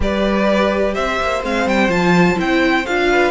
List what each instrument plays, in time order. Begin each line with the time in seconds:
0.00 cello G3, viola G4, violin B4 D5
0.94 cello C4, violin C5 E5
1.20 cello A#3
1.42 cello G#3, viola C4, violin F5
1.67 cello G3, violin G5
1.88 cello F3, viola F4, violin A5
2.36 cello C4, viola E4, violin G5
2.85 cello D4, viola F4, violin F5
3.11 violin B4